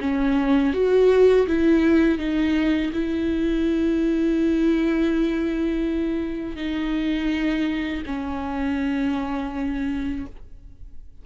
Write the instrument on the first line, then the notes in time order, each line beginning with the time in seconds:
viola
0.00 C#4
0.74 F#4
1.47 E4
2.18 D#4
2.93 E4
6.56 D#4
8.06 C#4